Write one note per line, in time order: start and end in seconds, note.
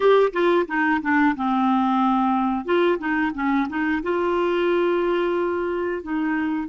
0.00 0.32 G4
0.32 0.66 F4
0.67 1.01 D#4
1.02 1.35 D4
1.35 2.65 C4
2.65 2.98 F4
2.98 3.32 D#4
3.34 3.67 C#4
3.69 4.02 D#4
4.02 6.02 F4
6.02 6.68 D#4